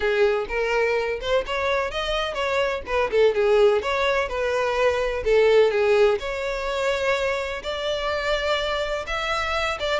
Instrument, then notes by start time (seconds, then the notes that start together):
violin
0.00 G#4
0.48 A#4
1.20 C5
1.46 C#5
1.90 D#5
2.34 C#5
2.86 B4
3.10 A4
3.34 G#4
3.82 C#5
4.28 B4
5.24 A4
5.71 G#4
6.19 C#5
7.62 D5
9.06 E5
9.79 D5